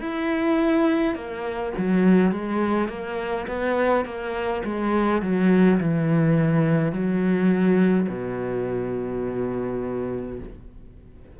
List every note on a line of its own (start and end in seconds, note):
0.00 1.15 E4
1.15 1.73 A#3
1.78 2.31 F#3
2.31 2.88 G#3
2.88 3.46 A#3
3.47 4.05 B3
4.05 4.63 A#3
4.64 5.21 G#3
5.21 5.79 F#3
5.80 6.92 E3
6.92 8.07 F#3
8.09 10.40 B2